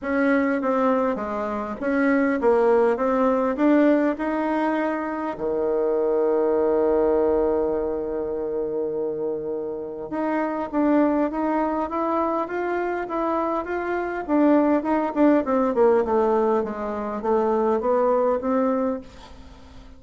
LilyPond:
\new Staff \with { instrumentName = "bassoon" } { \time 4/4 \tempo 4 = 101 cis'4 c'4 gis4 cis'4 | ais4 c'4 d'4 dis'4~ | dis'4 dis2.~ | dis1~ |
dis4 dis'4 d'4 dis'4 | e'4 f'4 e'4 f'4 | d'4 dis'8 d'8 c'8 ais8 a4 | gis4 a4 b4 c'4 | }